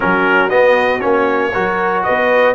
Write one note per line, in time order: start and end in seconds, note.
0.00 0.51 F#3
0.00 0.49 C#4
0.00 1.51 F#4
0.00 0.49 A#4
0.49 1.00 B3
0.49 1.02 B3
0.49 1.00 D#5
1.00 1.54 A#3
1.00 1.51 C#4
1.00 2.03 C#5
1.51 2.06 F#3
1.51 2.55 F#4
1.51 2.03 A#4
2.03 2.55 B3
2.03 2.55 B4
2.03 2.54 D#5